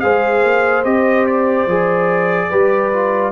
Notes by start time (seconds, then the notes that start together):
0.00 G#3 G#4 C5 F5
0.43 A#3
0.84 C4 G4 D#5
1.27 D5
1.67 F3 G#4
2.50 G3 G4 B4
2.93 F4